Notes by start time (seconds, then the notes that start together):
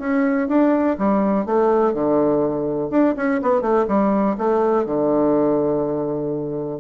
0.00 C#4
0.49 D4
0.99 G3
1.46 A3
1.94 D3
2.91 D4
3.17 C#4
3.43 B3
3.62 A3
3.88 G3
4.38 A3
4.86 D3